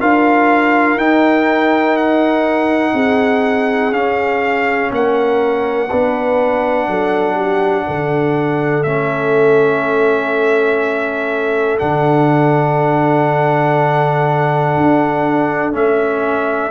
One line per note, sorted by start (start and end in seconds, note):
0.00 0.96 D4
0.00 0.98 F4
0.00 2.94 A#4
0.00 0.98 F5
0.96 2.92 D#4
0.96 3.93 D#4
0.96 1.97 G5
1.97 3.93 F#5
2.94 3.92 C4
2.94 4.91 G#4
3.92 4.90 C#4
3.92 5.90 C#4
3.92 4.91 F5
4.91 5.90 A#3
4.91 5.89 A#4
4.91 8.83 F#5
5.89 6.88 B3
5.89 8.86 D4
5.89 6.87 B4
6.88 7.86 F#3
6.88 7.35 A4
7.35 7.84 G4
7.87 8.85 D3
7.87 16.72 A4
8.83 11.80 A3
8.83 11.80 C#4
8.83 11.78 E5
11.79 14.77 D3
11.79 15.73 D4
11.79 15.73 F#5
14.77 15.74 D4
15.73 16.72 A3
15.73 16.71 C#4
15.73 16.72 E5